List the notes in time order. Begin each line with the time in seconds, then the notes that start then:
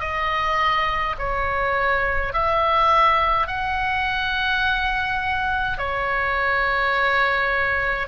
0.00 D#5
1.18 C#5
2.33 E5
3.47 F#5
5.78 C#5